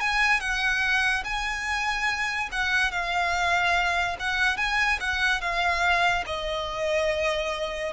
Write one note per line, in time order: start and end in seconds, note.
0.00 0.40 G#5
0.40 1.23 F#5
1.24 2.49 G#5
2.52 2.92 F#5
2.92 4.17 F5
4.19 4.57 F#5
4.57 4.99 G#5
5.00 5.41 F#5
5.41 6.24 F5
6.26 7.92 D#5